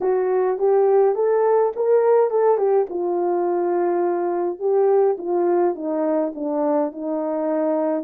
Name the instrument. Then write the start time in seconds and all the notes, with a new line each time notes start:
horn
0.00 F#4
0.58 G4
1.15 A4
1.75 A#4
2.30 A4
2.57 G4
2.89 F4
4.59 G4
5.18 F4
5.75 D#4
6.34 D4
6.92 D#4